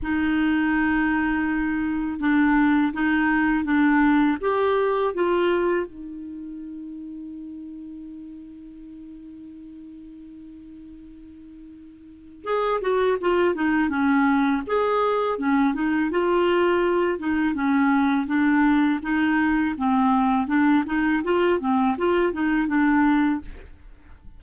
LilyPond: \new Staff \with { instrumentName = "clarinet" } { \time 4/4 \tempo 4 = 82 dis'2. d'4 | dis'4 d'4 g'4 f'4 | dis'1~ | dis'1~ |
dis'4 gis'8 fis'8 f'8 dis'8 cis'4 | gis'4 cis'8 dis'8 f'4. dis'8 | cis'4 d'4 dis'4 c'4 | d'8 dis'8 f'8 c'8 f'8 dis'8 d'4 | }